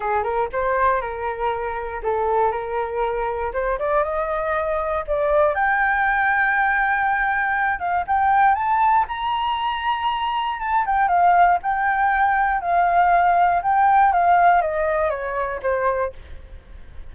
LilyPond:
\new Staff \with { instrumentName = "flute" } { \time 4/4 \tempo 4 = 119 gis'8 ais'8 c''4 ais'2 | a'4 ais'2 c''8 d''8 | dis''2 d''4 g''4~ | g''2.~ g''8 f''8 |
g''4 a''4 ais''2~ | ais''4 a''8 g''8 f''4 g''4~ | g''4 f''2 g''4 | f''4 dis''4 cis''4 c''4 | }